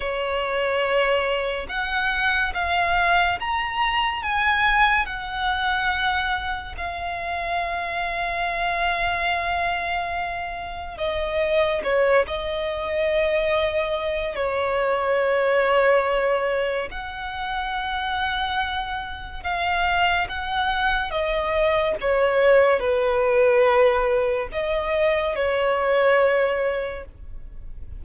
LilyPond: \new Staff \with { instrumentName = "violin" } { \time 4/4 \tempo 4 = 71 cis''2 fis''4 f''4 | ais''4 gis''4 fis''2 | f''1~ | f''4 dis''4 cis''8 dis''4.~ |
dis''4 cis''2. | fis''2. f''4 | fis''4 dis''4 cis''4 b'4~ | b'4 dis''4 cis''2 | }